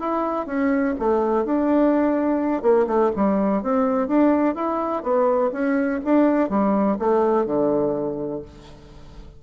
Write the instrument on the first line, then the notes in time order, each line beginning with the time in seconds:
bassoon
0.00 E4
0.47 C#4
0.99 A3
1.46 D4
2.62 A#3
2.87 A3
3.16 G3
3.63 C4
4.08 D4
4.55 E4
5.03 B3
5.52 C#4
6.05 D4
6.50 G3
6.99 A3
7.46 D3